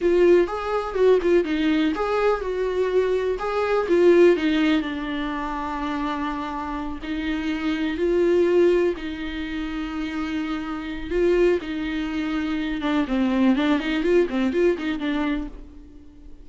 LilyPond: \new Staff \with { instrumentName = "viola" } { \time 4/4 \tempo 4 = 124 f'4 gis'4 fis'8 f'8 dis'4 | gis'4 fis'2 gis'4 | f'4 dis'4 d'2~ | d'2~ d'8 dis'4.~ |
dis'8 f'2 dis'4.~ | dis'2. f'4 | dis'2~ dis'8 d'8 c'4 | d'8 dis'8 f'8 c'8 f'8 dis'8 d'4 | }